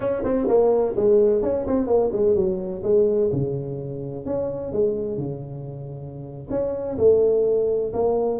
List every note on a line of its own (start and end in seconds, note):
0.00 0.23 C#4
0.24 0.47 C4
0.47 0.95 A#3
0.96 1.42 G#3
1.42 1.66 C#4
1.66 1.86 C4
1.86 2.10 A#3
2.12 2.35 G#3
2.35 2.82 F#3
2.83 3.30 G#3
3.32 4.25 C#3
4.25 4.72 C#4
4.72 5.17 G#3
5.17 6.47 C#3
6.50 6.97 C#4
6.97 7.92 A3
7.93 8.40 A#3